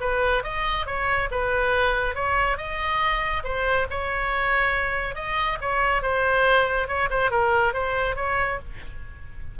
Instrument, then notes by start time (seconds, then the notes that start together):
oboe
0.00 B4
0.43 D#5
0.86 C#5
1.31 B4
2.15 C#5
2.57 D#5
3.43 C5
3.90 C#5
5.15 D#5
5.61 C#5
6.02 C5
6.87 C#5
7.10 C5
7.30 A#4
7.73 C5
8.16 C#5